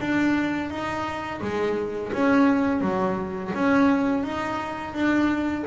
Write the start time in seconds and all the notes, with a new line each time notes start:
0.00 D4
0.70 D#4
1.41 G#3
2.12 C#4
2.81 F#3
3.55 C#4
4.23 D#4
4.93 D4